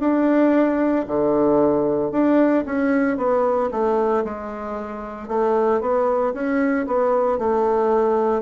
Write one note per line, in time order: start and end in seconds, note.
0.00 1.05 D4
1.08 2.12 D3
2.12 2.65 D4
2.66 3.18 C#4
3.18 3.70 B3
3.72 4.24 A3
4.25 5.29 G#3
5.29 5.81 A3
5.81 6.34 B3
6.34 6.87 C#4
6.87 7.39 B3
7.39 8.42 A3